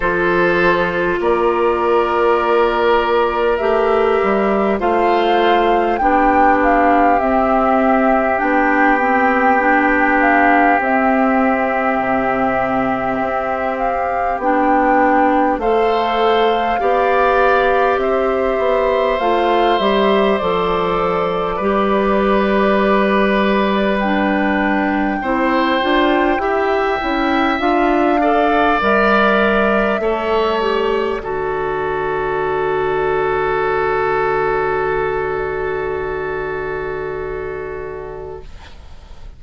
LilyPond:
<<
  \new Staff \with { instrumentName = "flute" } { \time 4/4 \tempo 4 = 50 c''4 d''2 e''4 | f''4 g''8 f''8 e''4 g''4~ | g''8 f''8 e''2~ e''8 f''8 | g''4 f''2 e''4 |
f''8 e''8 d''2. | g''2. f''4 | e''4. d''2~ d''8~ | d''1 | }
  \new Staff \with { instrumentName = "oboe" } { \time 4/4 a'4 ais'2. | c''4 g'2.~ | g'1~ | g'4 c''4 d''4 c''4~ |
c''2 b'2~ | b'4 c''4 e''4. d''8~ | d''4 cis''4 a'2~ | a'1 | }
  \new Staff \with { instrumentName = "clarinet" } { \time 4/4 f'2. g'4 | f'4 d'4 c'4 d'8 c'8 | d'4 c'2. | d'4 a'4 g'2 |
f'8 g'8 a'4 g'2 | d'4 e'8 f'8 g'8 e'8 f'8 a'8 | ais'4 a'8 g'8 fis'2~ | fis'1 | }
  \new Staff \with { instrumentName = "bassoon" } { \time 4/4 f4 ais2 a8 g8 | a4 b4 c'4 b4~ | b4 c'4 c4 c'4 | b4 a4 b4 c'8 b8 |
a8 g8 f4 g2~ | g4 c'8 d'8 e'8 cis'8 d'4 | g4 a4 d2~ | d1 | }
>>